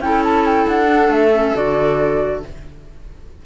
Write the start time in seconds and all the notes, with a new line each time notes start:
0.00 C#4 E4 A4 G5
0.24 A5
0.46 G5
0.68 D4 F#5
0.86 D4
1.08 A3 E5
1.33 C#4
1.55 D3 F#4 D5